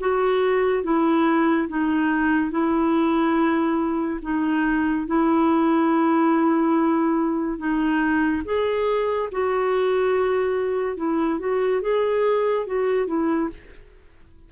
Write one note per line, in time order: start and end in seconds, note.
0.00 0.83 F#4
0.83 1.68 E4
1.68 2.51 D#4
2.51 4.20 E4
4.22 5.07 D#4
5.07 7.58 E4
7.58 8.42 D#4
8.45 9.29 G#4
9.32 10.97 F#4
10.97 11.39 E4
11.39 11.82 F#4
11.82 12.66 G#4
12.66 13.07 F#4
13.07 13.49 E4